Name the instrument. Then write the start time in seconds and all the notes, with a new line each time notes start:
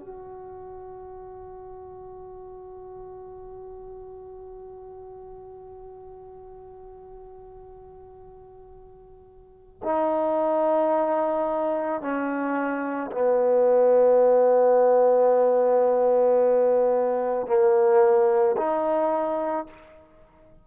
trombone
0.00 F#4
9.84 D#4
12.02 C#4
13.12 B3
17.47 A#3
18.58 D#4